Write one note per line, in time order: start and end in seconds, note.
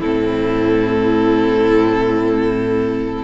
0.00 3.24 A2
0.00 3.24 C4
0.00 3.24 E4
0.00 3.24 A4